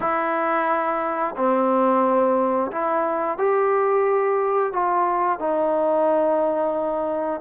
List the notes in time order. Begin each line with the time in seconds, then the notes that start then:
0.00 E4
1.36 C4
2.72 E4
3.37 G4
4.72 F4
5.39 D#4